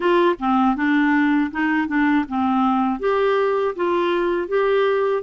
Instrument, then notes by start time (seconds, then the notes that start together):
clarinet
0.00 F4
0.39 C4
0.75 D4
1.51 D#4
1.87 D4
2.28 C4
2.99 G4
3.75 F4
4.48 G4